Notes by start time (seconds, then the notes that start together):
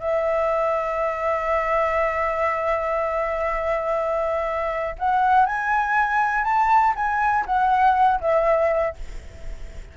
0.00 E5
4.99 F#5
5.46 G#5
6.44 A5
6.96 G#5
7.46 F#5
8.20 E5